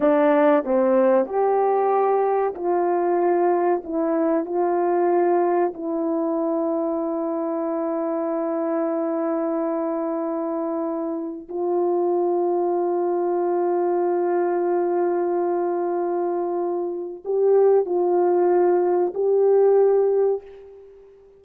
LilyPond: \new Staff \with { instrumentName = "horn" } { \time 4/4 \tempo 4 = 94 d'4 c'4 g'2 | f'2 e'4 f'4~ | f'4 e'2.~ | e'1~ |
e'2 f'2~ | f'1~ | f'2. g'4 | f'2 g'2 | }